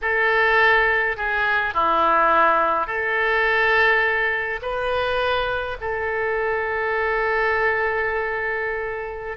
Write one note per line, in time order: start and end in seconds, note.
0.01 1.16 A4
1.16 1.74 G#4
1.74 2.87 E4
2.87 4.60 A4
4.62 5.77 B4
5.80 9.37 A4